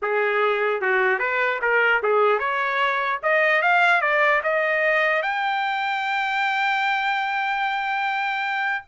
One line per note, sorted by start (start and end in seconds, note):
0.01 0.81 G#4
0.81 1.19 F#4
1.19 1.59 B4
1.61 2.02 A#4
2.03 2.39 G#4
2.39 3.19 C#5
3.22 3.61 D#5
3.61 4.01 F5
4.01 4.41 D5
4.43 5.22 D#5
5.22 8.84 G5